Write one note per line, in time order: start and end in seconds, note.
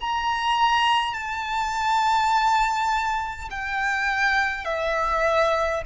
0.00 1.13 A#5
1.13 3.49 A5
3.50 4.65 G5
4.65 5.82 E5